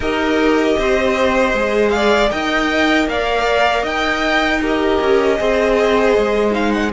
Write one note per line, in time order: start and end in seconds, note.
0.00 0.75 D#4
0.00 1.55 G4
0.00 0.76 A#4
0.00 1.90 D#5
0.77 1.54 C4
0.77 1.94 C5
1.54 2.31 G#3
1.54 2.30 G#4
1.90 2.31 D5
1.90 2.28 F5
2.30 3.07 D#4
2.30 4.61 A#4
2.30 3.08 D#5
2.30 3.07 G5
3.07 3.82 A#3
3.07 3.82 D5
3.07 3.85 F5
3.82 4.98 D#4
3.82 4.59 D#5
3.82 4.62 G5
4.61 5.38 G4
4.61 5.38 A#4
4.61 6.54 D#5
5.01 5.39 C#4
5.38 6.16 C4
5.38 6.51 G#4
5.38 6.92 C5
6.17 6.92 G#3
6.51 6.89 D#4
6.51 6.71 F5
6.71 6.91 F#5